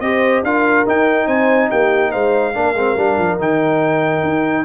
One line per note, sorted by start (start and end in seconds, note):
0.00 0.42 C4
0.00 0.45 G4
0.00 0.45 C5
0.00 0.42 D#5
0.43 0.85 D4
0.43 0.86 F4
0.43 1.26 A#4
0.43 0.86 F5
0.86 2.54 D#4
0.86 1.27 D#4
0.86 1.27 G5
1.26 1.69 C4
1.26 1.69 C5
1.26 1.70 G#5
1.70 2.14 A#3
1.70 2.11 G4
1.70 2.11 G5
2.11 2.56 G#3
2.11 2.53 C5
2.11 3.38 F5
2.54 2.74 A#3
2.54 2.75 D4
2.54 4.65 A#4
2.74 2.95 G#3
2.74 2.97 C4
2.96 3.17 G3
2.96 3.39 D4
3.17 3.38 F3
3.38 4.23 D#3
3.38 4.65 D#4
3.38 4.65 G5
4.23 4.65 D#4